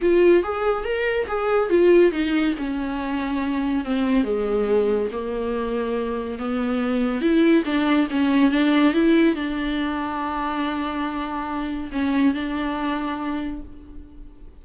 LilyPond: \new Staff \with { instrumentName = "viola" } { \time 4/4 \tempo 4 = 141 f'4 gis'4 ais'4 gis'4 | f'4 dis'4 cis'2~ | cis'4 c'4 gis2 | ais2. b4~ |
b4 e'4 d'4 cis'4 | d'4 e'4 d'2~ | d'1 | cis'4 d'2. | }